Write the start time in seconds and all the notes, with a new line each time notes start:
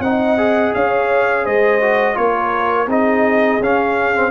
0.00 C4 D#4 D#5 F#5
0.37 G#4
0.74 C#4 C#5 F5
1.44 G#3 C5 D#5
1.81 F#4
2.14 A#3 F4 A#4 C#5
2.87 C4 D#4 G#4 D#5
3.60 C#4 F5
4.15 C4